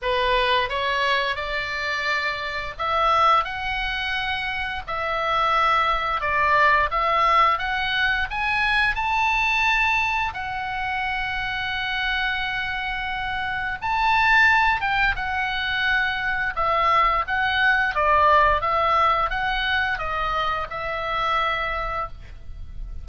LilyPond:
\new Staff \with { instrumentName = "oboe" } { \time 4/4 \tempo 4 = 87 b'4 cis''4 d''2 | e''4 fis''2 e''4~ | e''4 d''4 e''4 fis''4 | gis''4 a''2 fis''4~ |
fis''1 | a''4. g''8 fis''2 | e''4 fis''4 d''4 e''4 | fis''4 dis''4 e''2 | }